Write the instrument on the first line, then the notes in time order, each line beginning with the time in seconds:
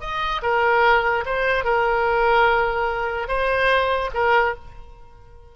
oboe
0.00 D#5
0.42 A#4
1.25 C5
1.64 A#4
3.28 C5
4.14 A#4